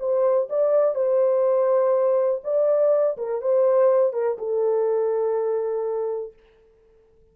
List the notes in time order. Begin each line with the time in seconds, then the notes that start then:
0.00 C5
0.50 D5
0.96 C5
2.44 D5
3.18 A#4
3.42 C5
4.14 A#4
4.39 A4